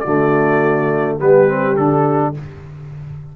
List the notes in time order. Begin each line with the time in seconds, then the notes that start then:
0.00 D3 A3 F#4 D5
1.19 G3 B3 G4 B4
1.48 C4
1.76 D3 D4 A4